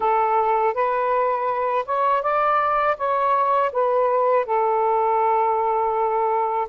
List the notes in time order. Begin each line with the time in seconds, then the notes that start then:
0.00 A4
0.74 B4
1.85 C#5
2.22 D5
2.97 C#5
3.72 B4
4.45 A4